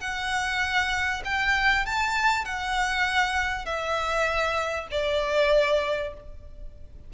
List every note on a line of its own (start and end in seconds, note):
0.00 1.22 F#5
1.24 1.86 G5
1.86 2.45 A5
2.45 3.65 F#5
3.65 4.88 E5
4.91 6.14 D5